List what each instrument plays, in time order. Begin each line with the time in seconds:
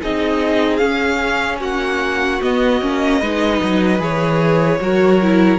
0.00 cello C4, viola D#4, violin G#4 D#5
0.76 viola C#4, cello C#4, violin F5
1.59 cello A#3, violin F#4 F#5
2.41 cello B3, viola B3, violin D#5
2.81 cello A#3, viola C#4
3.18 cello G#3, viola D#4, violin B4
3.62 cello F#3
3.98 cello E3, viola G#4, violin C#5
4.80 cello F#3, viola F#4, violin A#4
5.22 viola E4